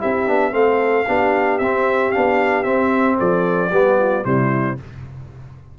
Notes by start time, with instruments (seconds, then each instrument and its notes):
0.00 tuba C4, trombone E4, horn G4, trumpet E5
0.27 tuba B3, trombone D4
0.51 tuba A3, trombone C4, horn A4, trumpet F5
1.06 tuba B3, trombone D4, horn G4
1.58 tuba C4, trombone C4, trumpet E5
2.12 tuba B3, trombone D4, trumpet F5
2.63 trombone C4, tuba C4, trumpet E5
3.18 tuba F3, horn A4, trumpet D5
3.70 tuba G3, trombone B3, horn G4
3.98 horn F4
4.24 tuba C3, trombone G3, horn E4, trumpet C5